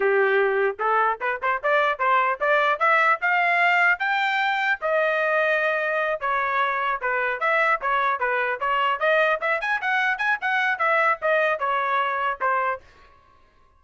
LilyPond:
\new Staff \with { instrumentName = "trumpet" } { \time 4/4 \tempo 4 = 150 g'2 a'4 b'8 c''8 | d''4 c''4 d''4 e''4 | f''2 g''2 | dis''2.~ dis''8 cis''8~ |
cis''4. b'4 e''4 cis''8~ | cis''8 b'4 cis''4 dis''4 e''8 | gis''8 fis''4 gis''8 fis''4 e''4 | dis''4 cis''2 c''4 | }